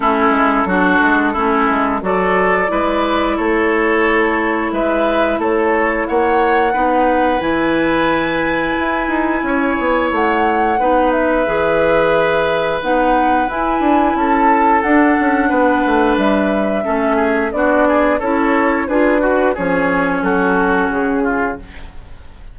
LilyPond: <<
  \new Staff \with { instrumentName = "flute" } { \time 4/4 \tempo 4 = 89 a'2. d''4~ | d''4 cis''2 e''4 | cis''4 fis''2 gis''4~ | gis''2. fis''4~ |
fis''8 e''2~ e''8 fis''4 | gis''4 a''4 fis''2 | e''2 d''4 cis''4 | b'4 cis''4 a'4 gis'4 | }
  \new Staff \with { instrumentName = "oboe" } { \time 4/4 e'4 fis'4 e'4 a'4 | b'4 a'2 b'4 | a'4 cis''4 b'2~ | b'2 cis''2 |
b'1~ | b'4 a'2 b'4~ | b'4 a'8 gis'8 fis'8 gis'8 a'4 | gis'8 fis'8 gis'4 fis'4. f'8 | }
  \new Staff \with { instrumentName = "clarinet" } { \time 4/4 cis'4 d'4 cis'4 fis'4 | e'1~ | e'2 dis'4 e'4~ | e'1 |
dis'4 gis'2 dis'4 | e'2 d'2~ | d'4 cis'4 d'4 e'4 | f'8 fis'8 cis'2. | }
  \new Staff \with { instrumentName = "bassoon" } { \time 4/4 a8 gis8 fis8 gis8 a8 gis8 fis4 | gis4 a2 gis4 | a4 ais4 b4 e4~ | e4 e'8 dis'8 cis'8 b8 a4 |
b4 e2 b4 | e'8 d'8 cis'4 d'8 cis'8 b8 a8 | g4 a4 b4 cis'4 | d'4 f4 fis4 cis4 | }
>>